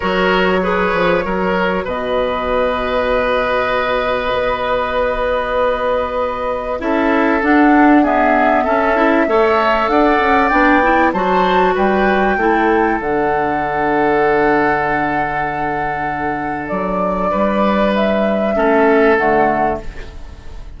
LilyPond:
<<
  \new Staff \with { instrumentName = "flute" } { \time 4/4 \tempo 4 = 97 cis''2. dis''4~ | dis''1~ | dis''2. e''4 | fis''4 e''2. |
fis''4 g''4 a''4 g''4~ | g''4 fis''2.~ | fis''2. d''4~ | d''4 e''2 fis''4 | }
  \new Staff \with { instrumentName = "oboe" } { \time 4/4 ais'4 b'4 ais'4 b'4~ | b'1~ | b'2. a'4~ | a'4 gis'4 a'4 cis''4 |
d''2 c''4 b'4 | a'1~ | a'1 | b'2 a'2 | }
  \new Staff \with { instrumentName = "clarinet" } { \time 4/4 fis'4 gis'4 fis'2~ | fis'1~ | fis'2. e'4 | d'4 b4 cis'8 e'8 a'4~ |
a'4 d'8 e'8 fis'2 | e'4 d'2.~ | d'1~ | d'2 cis'4 a4 | }
  \new Staff \with { instrumentName = "bassoon" } { \time 4/4 fis4. f8 fis4 b,4~ | b,2. b4~ | b2. cis'4 | d'2 cis'4 a4 |
d'8 cis'8 b4 fis4 g4 | a4 d2.~ | d2. fis4 | g2 a4 d4 | }
>>